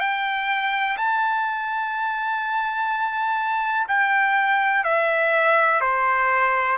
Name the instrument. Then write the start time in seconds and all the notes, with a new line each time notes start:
trumpet
0.00 G5
0.97 A5
3.88 G5
4.84 E5
5.81 C5